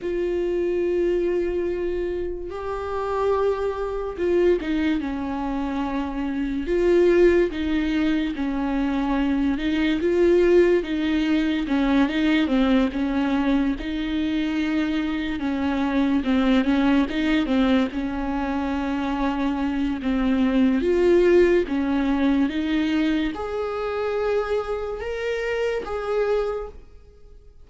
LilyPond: \new Staff \with { instrumentName = "viola" } { \time 4/4 \tempo 4 = 72 f'2. g'4~ | g'4 f'8 dis'8 cis'2 | f'4 dis'4 cis'4. dis'8 | f'4 dis'4 cis'8 dis'8 c'8 cis'8~ |
cis'8 dis'2 cis'4 c'8 | cis'8 dis'8 c'8 cis'2~ cis'8 | c'4 f'4 cis'4 dis'4 | gis'2 ais'4 gis'4 | }